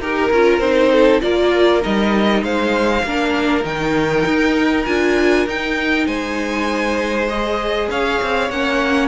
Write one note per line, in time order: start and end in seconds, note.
0.00 0.30 D#4
0.00 0.31 G4
0.00 0.91 A#4
0.00 0.59 A#4
0.31 0.59 C#4
0.31 0.61 F4
0.59 1.20 C4
0.59 1.21 D#4
0.59 1.20 C5
0.91 1.22 A4
1.21 1.84 A#3
1.21 1.81 F4
1.21 2.44 A#4
1.21 1.82 D5
1.81 2.42 G3
1.81 3.02 D#4
1.81 2.43 D#5
2.42 3.03 G#3
2.42 3.04 C5
2.42 3.64 F5
3.03 3.64 A#3
3.03 3.63 D4
3.03 6.07 A#4
3.63 4.25 D#3
3.63 4.84 D#4
3.63 4.85 G5
4.25 4.86 D#4
4.85 5.46 D4
4.85 5.46 F4
4.85 5.46 G#5
5.46 6.06 D#4
5.46 7.27 D#4
5.46 6.06 G5
6.06 7.88 G#3
6.06 7.89 C5
6.06 7.27 G#5
7.27 8.48 G#4
7.27 7.89 D#5
7.90 8.20 C#4
7.90 9.07 C#5
7.90 8.50 F5
8.22 8.49 C4
8.49 9.07 A#3
8.49 9.07 C#4
8.49 9.07 F#5